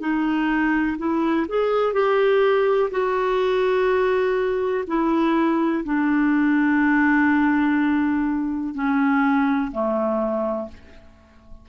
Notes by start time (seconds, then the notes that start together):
0.00 D#4
0.98 E4
1.48 G#4
1.93 G4
2.91 F#4
4.87 E4
5.85 D4
8.74 C#4
9.72 A3